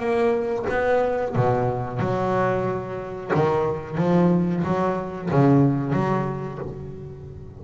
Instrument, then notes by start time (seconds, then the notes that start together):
double bass
0.00 A#3
0.70 B3
1.36 B2
2.00 F#3
3.35 D#3
3.98 F3
4.64 F#3
5.31 C#3
5.93 F#3